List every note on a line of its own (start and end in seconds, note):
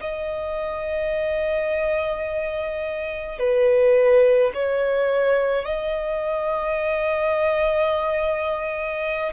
0.00 3.39 D#5
3.39 4.52 B4
4.54 5.64 C#5
5.64 9.32 D#5